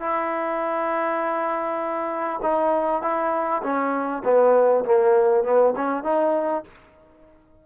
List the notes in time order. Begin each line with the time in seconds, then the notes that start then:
0.00 E4
2.42 D#4
3.02 E4
3.63 C#4
4.24 B3
4.85 A#3
5.44 B3
5.76 C#4
6.03 D#4